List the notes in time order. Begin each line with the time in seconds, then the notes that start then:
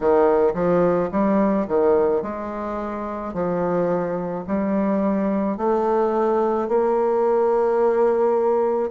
0.00 D#3
0.54 F3
1.11 G3
1.67 D#3
2.22 G#3
3.33 F3
4.47 G3
5.57 A3
6.68 A#3